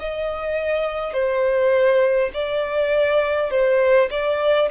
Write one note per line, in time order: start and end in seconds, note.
0.00 1.13 D#5
1.13 2.31 C5
2.34 3.51 D5
3.51 4.10 C5
4.11 4.70 D5